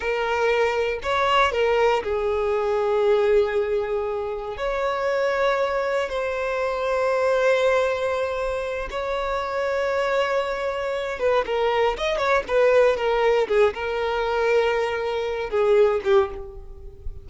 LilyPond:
\new Staff \with { instrumentName = "violin" } { \time 4/4 \tempo 4 = 118 ais'2 cis''4 ais'4 | gis'1~ | gis'4 cis''2. | c''1~ |
c''4. cis''2~ cis''8~ | cis''2 b'8 ais'4 dis''8 | cis''8 b'4 ais'4 gis'8 ais'4~ | ais'2~ ais'8 gis'4 g'8 | }